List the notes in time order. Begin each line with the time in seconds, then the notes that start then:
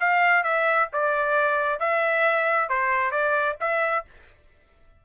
0.00 F5
0.44 E5
0.93 D5
1.80 E5
2.69 C5
3.11 D5
3.60 E5